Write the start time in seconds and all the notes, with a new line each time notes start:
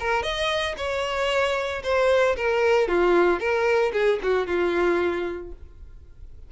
0.00 A#4
0.23 D#5
0.77 C#5
1.83 C5
2.37 A#4
2.88 F4
3.39 A#4
3.93 G#4
4.23 F#4
4.47 F4